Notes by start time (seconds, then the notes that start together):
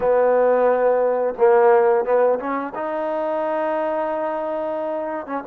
0.00 B3
1.38 A#3
2.04 B3
2.39 C#4
2.75 D#4
5.26 C#4